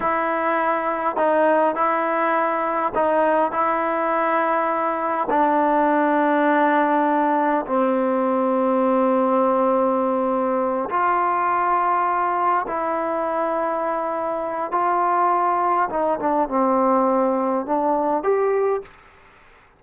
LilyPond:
\new Staff \with { instrumentName = "trombone" } { \time 4/4 \tempo 4 = 102 e'2 dis'4 e'4~ | e'4 dis'4 e'2~ | e'4 d'2.~ | d'4 c'2.~ |
c'2~ c'8 f'4.~ | f'4. e'2~ e'8~ | e'4 f'2 dis'8 d'8 | c'2 d'4 g'4 | }